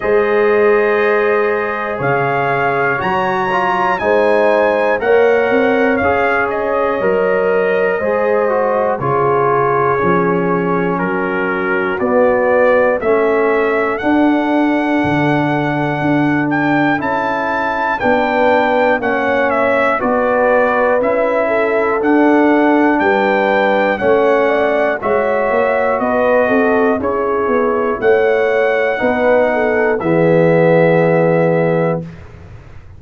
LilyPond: <<
  \new Staff \with { instrumentName = "trumpet" } { \time 4/4 \tempo 4 = 60 dis''2 f''4 ais''4 | gis''4 fis''4 f''8 dis''4.~ | dis''4 cis''2 ais'4 | d''4 e''4 fis''2~ |
fis''8 g''8 a''4 g''4 fis''8 e''8 | d''4 e''4 fis''4 g''4 | fis''4 e''4 dis''4 cis''4 | fis''2 e''2 | }
  \new Staff \with { instrumentName = "horn" } { \time 4/4 c''2 cis''2 | c''4 cis''2. | c''4 gis'2 fis'4~ | fis'4 a'2.~ |
a'2 b'4 cis''4 | b'4. a'4. b'4 | cis''8 d''8 cis''4 b'8 a'8 gis'4 | cis''4 b'8 a'8 gis'2 | }
  \new Staff \with { instrumentName = "trombone" } { \time 4/4 gis'2. fis'8 f'8 | dis'4 ais'4 gis'4 ais'4 | gis'8 fis'8 f'4 cis'2 | b4 cis'4 d'2~ |
d'4 e'4 d'4 cis'4 | fis'4 e'4 d'2 | cis'4 fis'2 e'4~ | e'4 dis'4 b2 | }
  \new Staff \with { instrumentName = "tuba" } { \time 4/4 gis2 cis4 fis4 | gis4 ais8 c'8 cis'4 fis4 | gis4 cis4 f4 fis4 | b4 a4 d'4 d4 |
d'4 cis'4 b4 ais4 | b4 cis'4 d'4 g4 | a4 gis8 ais8 b8 c'8 cis'8 b8 | a4 b4 e2 | }
>>